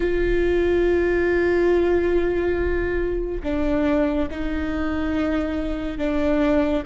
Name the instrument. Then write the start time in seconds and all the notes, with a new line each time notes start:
viola
0.00 F4
3.43 D4
4.31 D#4
5.98 D4